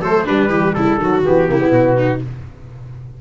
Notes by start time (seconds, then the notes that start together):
0.00 F#3 A3 A4 C5
0.24 G3 D4 B4
0.48 E3 G4
0.74 C#3 E4 A4
0.97 D#3 F#3 F#4
1.24 E3 B3 G4
1.48 C#3 A#3 E4
1.58 B3
1.72 B2 F#4
1.97 D#4